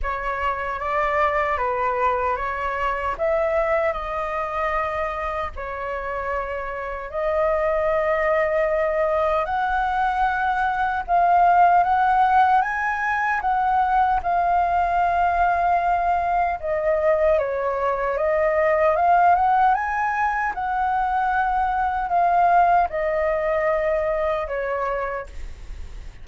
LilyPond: \new Staff \with { instrumentName = "flute" } { \time 4/4 \tempo 4 = 76 cis''4 d''4 b'4 cis''4 | e''4 dis''2 cis''4~ | cis''4 dis''2. | fis''2 f''4 fis''4 |
gis''4 fis''4 f''2~ | f''4 dis''4 cis''4 dis''4 | f''8 fis''8 gis''4 fis''2 | f''4 dis''2 cis''4 | }